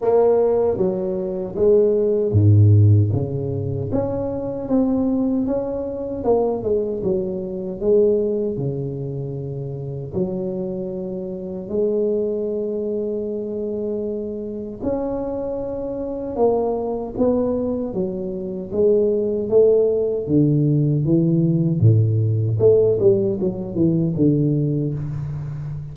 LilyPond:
\new Staff \with { instrumentName = "tuba" } { \time 4/4 \tempo 4 = 77 ais4 fis4 gis4 gis,4 | cis4 cis'4 c'4 cis'4 | ais8 gis8 fis4 gis4 cis4~ | cis4 fis2 gis4~ |
gis2. cis'4~ | cis'4 ais4 b4 fis4 | gis4 a4 d4 e4 | a,4 a8 g8 fis8 e8 d4 | }